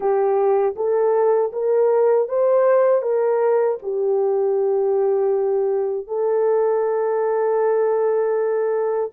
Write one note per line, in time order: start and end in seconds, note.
0.00 0.74 G4
0.76 1.52 A4
1.52 2.28 A#4
2.28 3.02 C5
3.02 3.78 A#4
3.82 6.07 G4
6.07 9.10 A4